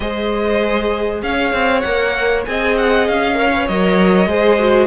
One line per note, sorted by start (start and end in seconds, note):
0.00 1.22 G#3
0.00 1.83 G#4
0.00 1.23 C5
0.00 1.21 D#5
1.22 1.52 C#4
1.22 2.48 C#5
1.22 1.80 F5
1.52 1.83 C4
1.80 2.46 A#3
1.80 2.46 A#4
1.80 2.42 F#5
2.45 3.08 C4
2.45 3.34 G#4
2.45 3.38 D#5
2.45 2.76 G#5
2.77 3.07 F#5
3.07 3.68 C#4
3.07 3.67 F5
3.34 3.49 A#4
3.34 4.29 C#5
3.53 3.68 B4
3.67 4.26 F#3
3.67 4.28 A#4
3.67 4.86 D#5
4.26 4.86 G#3
4.26 4.58 G#4
4.26 4.86 C5
4.59 4.86 F#4